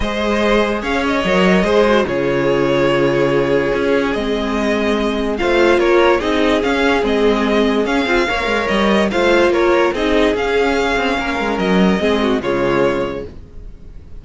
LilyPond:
<<
  \new Staff \with { instrumentName = "violin" } { \time 4/4 \tempo 4 = 145 dis''2 f''8 dis''4.~ | dis''4 cis''2.~ | cis''2 dis''2~ | dis''4 f''4 cis''4 dis''4 |
f''4 dis''2 f''4~ | f''4 dis''4 f''4 cis''4 | dis''4 f''2. | dis''2 cis''2 | }
  \new Staff \with { instrumentName = "violin" } { \time 4/4 c''2 cis''2 | c''4 gis'2.~ | gis'1~ | gis'4 c''4 ais'4 gis'4~ |
gis'1 | cis''2 c''4 ais'4 | gis'2. ais'4~ | ais'4 gis'8 fis'8 f'2 | }
  \new Staff \with { instrumentName = "viola" } { \time 4/4 gis'2. ais'4 | gis'8 fis'8 f'2.~ | f'2 c'2~ | c'4 f'2 dis'4 |
cis'4 c'2 cis'8 f'8 | ais'2 f'2 | dis'4 cis'2.~ | cis'4 c'4 gis2 | }
  \new Staff \with { instrumentName = "cello" } { \time 4/4 gis2 cis'4 fis4 | gis4 cis2.~ | cis4 cis'4 gis2~ | gis4 a4 ais4 c'4 |
cis'4 gis2 cis'8 c'8 | ais8 gis8 g4 a4 ais4 | c'4 cis'4. c'8 ais8 gis8 | fis4 gis4 cis2 | }
>>